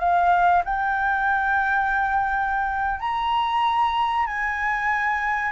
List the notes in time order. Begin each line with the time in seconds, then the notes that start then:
0.00 F5
0.65 G5
3.01 A#5
4.27 G#5